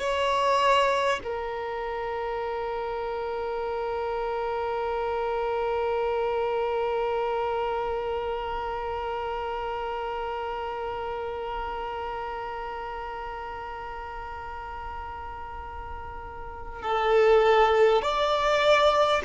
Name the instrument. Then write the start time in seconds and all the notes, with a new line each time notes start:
violin
0.00 C#5
1.24 A#4
16.83 A4
18.03 D5